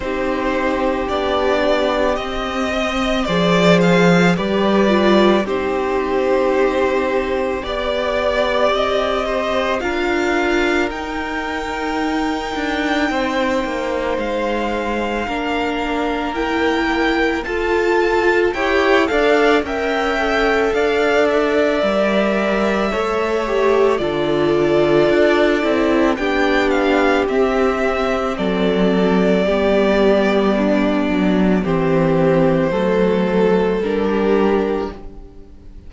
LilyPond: <<
  \new Staff \with { instrumentName = "violin" } { \time 4/4 \tempo 4 = 55 c''4 d''4 dis''4 d''8 f''8 | d''4 c''2 d''4 | dis''4 f''4 g''2~ | g''4 f''2 g''4 |
a''4 g''8 f''8 g''4 f''8 e''8~ | e''2 d''2 | g''8 f''8 e''4 d''2~ | d''4 c''2 ais'4 | }
  \new Staff \with { instrumentName = "violin" } { \time 4/4 g'2~ g'8 dis''8 c''4 | b'4 g'2 d''4~ | d''8 c''8 ais'2. | c''2 ais'2 |
a'4 cis''8 d''8 e''4 d''4~ | d''4 cis''4 a'2 | g'2 a'4 g'4 | d'4 g'4 a'4~ a'16 g'8. | }
  \new Staff \with { instrumentName = "viola" } { \time 4/4 dis'4 d'4 c'4 gis'4 | g'8 f'8 dis'2 g'4~ | g'4 f'4 dis'2~ | dis'2 d'4 e'4 |
f'4 g'8 a'8 ais'8 a'4. | ais'4 a'8 g'8 f'4. e'8 | d'4 c'2 b4~ | b4 c'4 a4 d'4 | }
  \new Staff \with { instrumentName = "cello" } { \time 4/4 c'4 b4 c'4 f4 | g4 c'2 b4 | c'4 d'4 dis'4. d'8 | c'8 ais8 gis4 ais2 |
f'4 e'8 d'8 cis'4 d'4 | g4 a4 d4 d'8 c'8 | b4 c'4 fis4 g4~ | g8 fis8 e4 fis4 g4 | }
>>